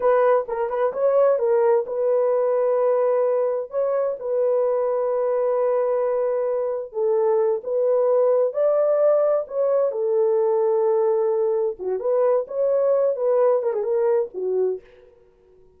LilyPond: \new Staff \with { instrumentName = "horn" } { \time 4/4 \tempo 4 = 130 b'4 ais'8 b'8 cis''4 ais'4 | b'1 | cis''4 b'2.~ | b'2. a'4~ |
a'8 b'2 d''4.~ | d''8 cis''4 a'2~ a'8~ | a'4. fis'8 b'4 cis''4~ | cis''8 b'4 ais'16 gis'16 ais'4 fis'4 | }